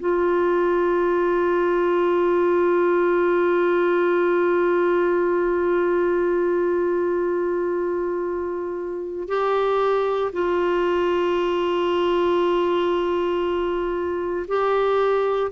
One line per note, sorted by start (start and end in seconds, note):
0.00 9.28 F4
9.28 10.32 G4
10.33 14.46 F4
14.48 15.51 G4